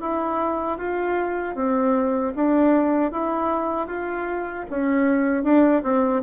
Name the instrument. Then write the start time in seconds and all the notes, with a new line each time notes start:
bassoon
0.00 E4
0.78 F4
1.55 C4
2.36 D4
3.11 E4
3.87 F4
4.70 C#4
5.43 D4
5.83 C4